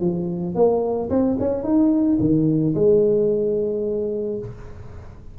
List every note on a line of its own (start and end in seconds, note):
0.00 0.55 F3
0.55 1.09 A#3
1.10 1.37 C4
1.39 1.63 C#4
1.63 2.17 D#4
2.20 2.74 D#3
2.74 4.38 G#3